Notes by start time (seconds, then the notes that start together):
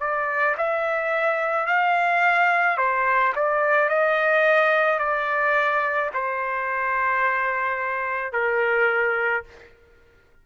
0.00 D5
0.57 E5
1.67 F5
2.78 C5
3.35 D5
3.89 D#5
4.99 D5
6.14 C5
8.33 A#4